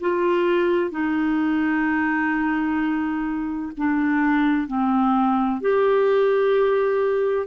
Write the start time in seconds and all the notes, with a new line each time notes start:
0.00 F4
0.90 D#4
3.77 D4
4.67 C4
5.61 G4